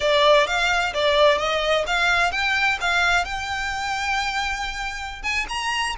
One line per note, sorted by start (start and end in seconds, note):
0.00 0.46 D5
0.46 0.93 F5
0.93 1.38 D5
1.38 1.84 D#5
1.86 2.31 F5
2.31 2.78 G5
2.80 3.25 F5
3.25 5.22 G5
5.22 5.46 G#5
5.49 5.95 A#5